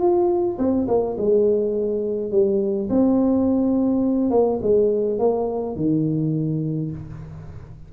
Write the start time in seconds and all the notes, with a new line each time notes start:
0.00 F4
0.59 C4
0.88 A#3
1.18 G#3
2.31 G3
2.90 C4
4.31 A#3
4.62 G#3
5.19 A#3
5.76 D#3